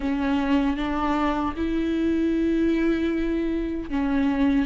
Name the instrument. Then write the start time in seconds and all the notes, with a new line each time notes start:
viola
0.00 C#4
0.76 D4
1.56 E4
3.90 C#4